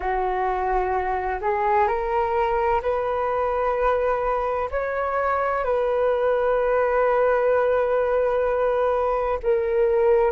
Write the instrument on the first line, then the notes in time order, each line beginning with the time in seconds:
flute
0.00 F#4
1.41 G#4
1.87 A#4
2.82 B4
4.70 C#5
5.64 B4
9.42 A#4